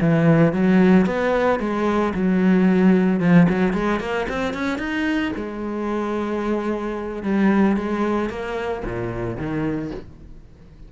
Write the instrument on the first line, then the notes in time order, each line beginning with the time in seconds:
cello
0.00 E3
0.53 F#3
1.06 B3
1.59 G#3
2.14 F#3
3.19 F3
3.49 F#3
3.73 G#3
4.00 A#3
4.28 C4
4.53 C#4
4.78 D#4
5.36 G#3
7.22 G3
7.76 G#3
8.29 A#3
8.84 A#2
9.37 D#3